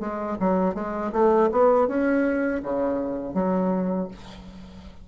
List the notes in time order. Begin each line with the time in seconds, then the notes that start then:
0.00 G#3
0.39 F#3
0.74 G#3
1.12 A3
1.52 B3
1.88 C#4
2.63 C#3
3.34 F#3